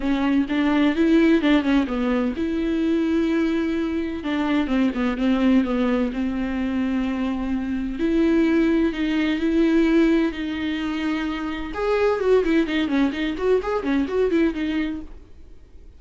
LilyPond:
\new Staff \with { instrumentName = "viola" } { \time 4/4 \tempo 4 = 128 cis'4 d'4 e'4 d'8 cis'8 | b4 e'2.~ | e'4 d'4 c'8 b8 c'4 | b4 c'2.~ |
c'4 e'2 dis'4 | e'2 dis'2~ | dis'4 gis'4 fis'8 e'8 dis'8 cis'8 | dis'8 fis'8 gis'8 cis'8 fis'8 e'8 dis'4 | }